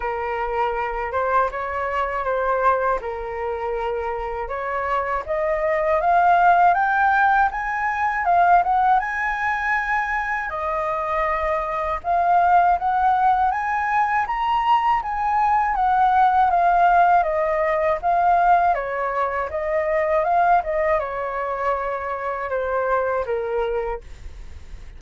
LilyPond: \new Staff \with { instrumentName = "flute" } { \time 4/4 \tempo 4 = 80 ais'4. c''8 cis''4 c''4 | ais'2 cis''4 dis''4 | f''4 g''4 gis''4 f''8 fis''8 | gis''2 dis''2 |
f''4 fis''4 gis''4 ais''4 | gis''4 fis''4 f''4 dis''4 | f''4 cis''4 dis''4 f''8 dis''8 | cis''2 c''4 ais'4 | }